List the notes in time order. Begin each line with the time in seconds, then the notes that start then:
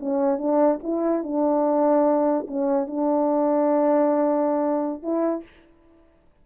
0.00 C#4
0.38 D4
0.83 E4
1.23 D4
2.48 C#4
2.87 D4
5.03 E4